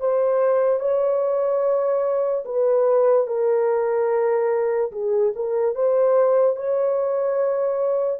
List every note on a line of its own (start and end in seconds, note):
0.00 0.79 C5
0.79 2.44 C#5
2.45 3.27 B4
3.27 4.91 A#4
4.91 5.32 G#4
5.35 5.75 A#4
5.75 6.56 C5
6.56 8.20 C#5